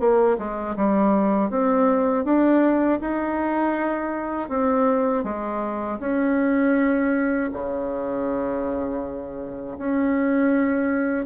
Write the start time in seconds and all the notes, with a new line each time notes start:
0.00 A#3
0.38 G#3
0.76 G3
1.51 C4
2.25 D4
3.01 D#4
4.49 C4
5.24 G#3
6.00 C#4
7.53 C#3
9.79 C#4